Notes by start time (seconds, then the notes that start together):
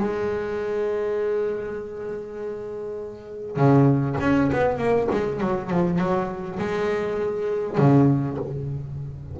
0.00 G#3
3.57 C#3
4.21 C#4
4.52 B3
4.78 A#3
5.11 G#3
5.41 F#3
5.70 F3
5.99 F#3
6.59 G#3
7.78 C#3